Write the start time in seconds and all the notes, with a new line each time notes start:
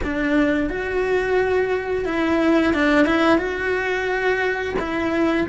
0.03 D4
0.69 F#4
2.05 E4
2.73 D4
3.05 E4
3.37 F#4
4.79 E4